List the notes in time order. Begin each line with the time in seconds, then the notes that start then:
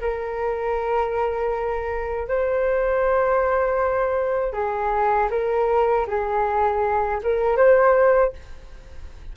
0.00 A#4
2.28 C5
4.53 G#4
5.30 A#4
6.07 G#4
7.23 A#4
7.56 C5